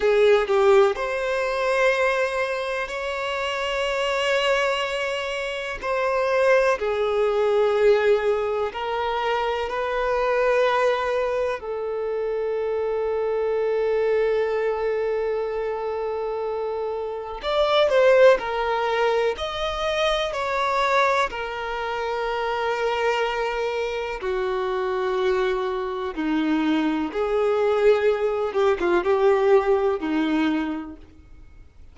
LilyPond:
\new Staff \with { instrumentName = "violin" } { \time 4/4 \tempo 4 = 62 gis'8 g'8 c''2 cis''4~ | cis''2 c''4 gis'4~ | gis'4 ais'4 b'2 | a'1~ |
a'2 d''8 c''8 ais'4 | dis''4 cis''4 ais'2~ | ais'4 fis'2 dis'4 | gis'4. g'16 f'16 g'4 dis'4 | }